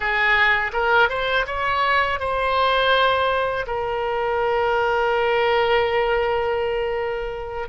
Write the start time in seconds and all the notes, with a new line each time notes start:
0.00 G#4
0.73 A#4
1.09 C5
1.46 C#5
2.20 C5
3.66 A#4